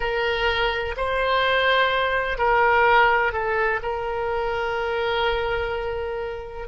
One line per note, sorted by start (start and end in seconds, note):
0.00 0.95 A#4
0.97 2.38 C5
2.38 3.32 A#4
3.32 3.80 A4
3.82 6.68 A#4